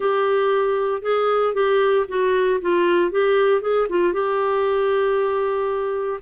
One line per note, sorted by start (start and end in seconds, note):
0.00 1.01 G4
1.02 1.54 G#4
1.54 2.05 G4
2.08 2.60 F#4
2.61 3.11 F4
3.11 3.61 G4
3.61 3.87 G#4
3.89 4.13 F4
4.13 6.20 G4